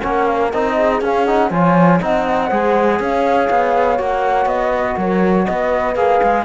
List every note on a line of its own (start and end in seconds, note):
0.00 0.53 A#3
0.00 0.51 C#4
0.00 0.74 A#4
0.00 0.26 F#5
0.26 0.51 F5
0.51 1.01 C4
0.51 1.03 D#4
0.51 1.01 D#5
0.76 1.50 G#4
1.01 1.50 C#4
1.01 1.26 C#4
1.01 1.24 F5
1.24 1.51 D#4
1.24 1.49 F#5
1.50 1.99 F3
1.50 2.00 F4
1.50 1.99 C#5
1.50 2.00 G#5
1.99 2.50 C4
1.99 2.50 D#4
1.99 2.47 D#5
1.99 3.01 F#5
2.47 2.99 G#3
2.47 3.97 G#4
2.47 2.97 C5
2.99 3.49 C#4
2.99 4.73 C#5
2.99 3.99 F5
3.50 3.99 B3
3.97 4.45 A#3
3.97 5.95 F#4
3.97 4.48 F#5
4.45 4.95 B3
4.45 4.97 D#5
4.73 4.97 B4
4.97 5.46 F#3
4.97 5.46 A#4
4.97 5.45 C#5
5.45 5.95 B3
5.45 6.45 B4
5.45 5.94 D#5
5.95 6.20 A#3
5.95 6.45 G#4
5.95 6.44 F5
6.22 6.45 G#3